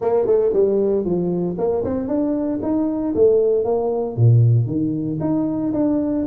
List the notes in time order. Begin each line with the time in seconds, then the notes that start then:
0.01 A#3
0.26 A3
0.53 G3
1.04 F3
1.57 A#3
1.84 C4
2.07 D4
2.62 D#4
3.14 A3
3.64 A#3
4.16 A#2
4.66 D#3
5.20 D#4
5.73 D4